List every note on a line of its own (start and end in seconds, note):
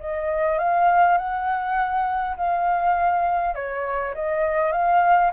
0.00 0.59 D#5
0.59 1.18 F5
1.18 2.37 F#5
2.37 3.55 F5
3.55 4.14 C#5
4.15 4.72 D#5
4.72 5.32 F5